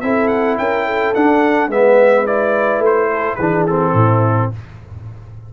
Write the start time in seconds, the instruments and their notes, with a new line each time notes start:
0.00 tuba C4, trombone E4, horn A4, trumpet E5
0.27 trumpet F#5
0.58 tuba C#4, horn A#4, trumpet G5
0.85 horn A4
1.14 tuba D4, trombone D4, trumpet F#5
1.68 tuba G#3, trombone B3, horn B4, trumpet E5
2.26 trombone E4, trumpet D5
2.79 tuba A3
2.86 trumpet C5
3.11 horn A4
3.35 tuba E3, trombone D4, horn G#4, trumpet B4
3.67 trombone C4, trumpet A4
3.93 tuba A2, horn E4